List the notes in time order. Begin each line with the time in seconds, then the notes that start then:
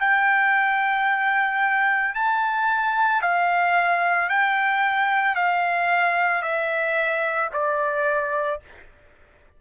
0.00 G5
2.14 A5
3.21 F5
4.29 G5
5.35 F5
6.42 E5
7.53 D5